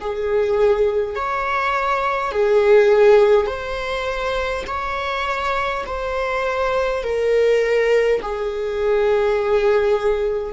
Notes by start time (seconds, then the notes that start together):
0.00 G#4
1.15 C#5
2.32 G#4
3.46 C5
4.67 C#5
5.86 C5
7.03 A#4
8.21 G#4